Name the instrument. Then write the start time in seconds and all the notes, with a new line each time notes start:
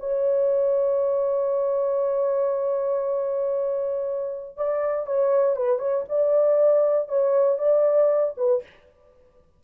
horn
0.00 C#5
4.57 D5
5.07 C#5
5.57 B4
5.79 C#5
6.09 D5
7.09 C#5
7.59 D5
8.38 B4